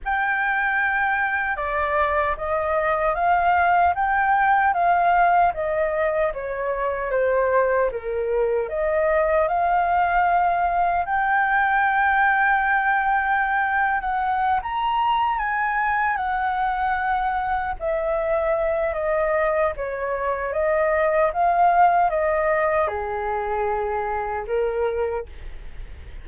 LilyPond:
\new Staff \with { instrumentName = "flute" } { \time 4/4 \tempo 4 = 76 g''2 d''4 dis''4 | f''4 g''4 f''4 dis''4 | cis''4 c''4 ais'4 dis''4 | f''2 g''2~ |
g''4.~ g''16 fis''8. ais''4 gis''8~ | gis''8 fis''2 e''4. | dis''4 cis''4 dis''4 f''4 | dis''4 gis'2 ais'4 | }